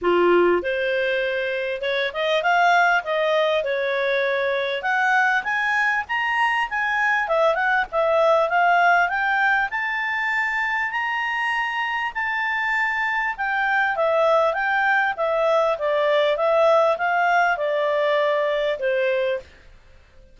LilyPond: \new Staff \with { instrumentName = "clarinet" } { \time 4/4 \tempo 4 = 99 f'4 c''2 cis''8 dis''8 | f''4 dis''4 cis''2 | fis''4 gis''4 ais''4 gis''4 | e''8 fis''8 e''4 f''4 g''4 |
a''2 ais''2 | a''2 g''4 e''4 | g''4 e''4 d''4 e''4 | f''4 d''2 c''4 | }